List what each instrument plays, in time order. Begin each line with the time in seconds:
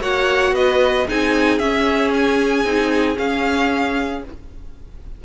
0.00 cello A#3, viola F#4, violin C#5 F#5
0.51 cello B3, violin B4 D#5
1.07 cello C4, viola D#4, violin G#4 G#5
1.58 cello C#4, viola C#4, violin E5
2.13 violin G#5
2.64 cello C4, viola D#4
3.15 viola C#4, cello C#4, violin F5